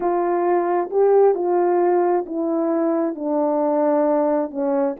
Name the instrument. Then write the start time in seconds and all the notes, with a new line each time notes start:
horn
0.00 F4
0.90 G4
1.34 F4
2.26 E4
3.15 D4
4.50 C#4